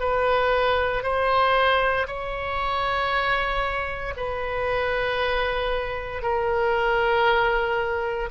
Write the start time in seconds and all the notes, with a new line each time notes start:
0.00 B4
1.03 C5
2.07 C#5
4.17 B4
6.23 A#4